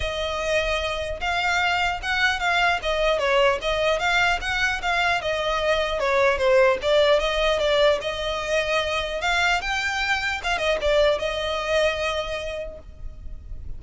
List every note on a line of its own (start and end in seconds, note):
0.00 1.20 D#5
1.20 2.00 F5
2.02 2.39 F#5
2.39 2.79 F5
2.82 3.19 D#5
3.19 3.59 C#5
3.61 3.99 D#5
3.99 4.39 F5
4.41 4.81 F#5
4.81 5.21 F5
5.21 5.99 D#5
5.99 6.37 C#5
6.37 6.77 C5
6.82 7.19 D5
7.19 7.59 D#5
7.59 7.99 D5
8.01 9.21 D#5
9.21 9.61 F5
9.61 10.41 G5
10.43 10.58 F5
10.58 10.78 D#5
10.81 11.19 D5
11.19 12.79 D#5